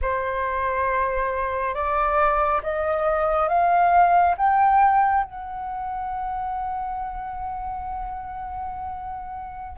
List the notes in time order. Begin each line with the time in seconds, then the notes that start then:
0.01 C5
1.74 D5
2.62 D#5
3.48 F5
4.37 G5
5.24 F#5